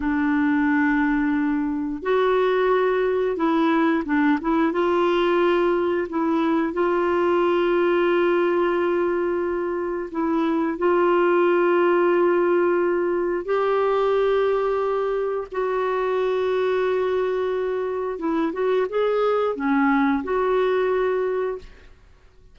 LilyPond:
\new Staff \with { instrumentName = "clarinet" } { \time 4/4 \tempo 4 = 89 d'2. fis'4~ | fis'4 e'4 d'8 e'8 f'4~ | f'4 e'4 f'2~ | f'2. e'4 |
f'1 | g'2. fis'4~ | fis'2. e'8 fis'8 | gis'4 cis'4 fis'2 | }